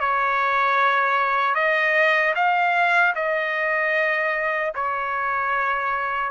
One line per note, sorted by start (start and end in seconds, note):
0.00 1.55 C#5
1.55 2.34 D#5
2.35 3.14 F5
3.15 4.73 D#5
4.75 6.31 C#5